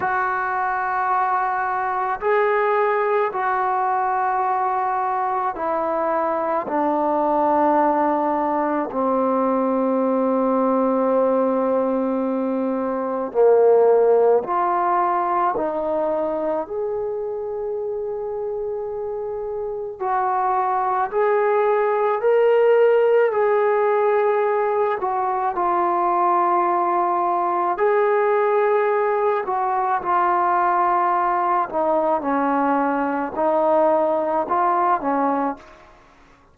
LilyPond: \new Staff \with { instrumentName = "trombone" } { \time 4/4 \tempo 4 = 54 fis'2 gis'4 fis'4~ | fis'4 e'4 d'2 | c'1 | ais4 f'4 dis'4 gis'4~ |
gis'2 fis'4 gis'4 | ais'4 gis'4. fis'8 f'4~ | f'4 gis'4. fis'8 f'4~ | f'8 dis'8 cis'4 dis'4 f'8 cis'8 | }